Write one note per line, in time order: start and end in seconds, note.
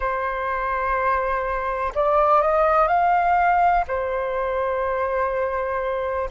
0.00 1.93 C5
1.94 2.41 D5
2.41 2.87 D#5
2.87 3.84 F5
3.87 6.29 C5